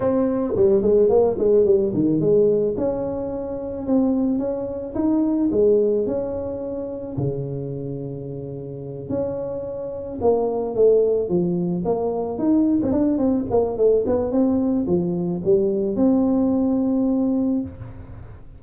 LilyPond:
\new Staff \with { instrumentName = "tuba" } { \time 4/4 \tempo 4 = 109 c'4 g8 gis8 ais8 gis8 g8 dis8 | gis4 cis'2 c'4 | cis'4 dis'4 gis4 cis'4~ | cis'4 cis2.~ |
cis8 cis'2 ais4 a8~ | a8 f4 ais4 dis'8. c'16 d'8 | c'8 ais8 a8 b8 c'4 f4 | g4 c'2. | }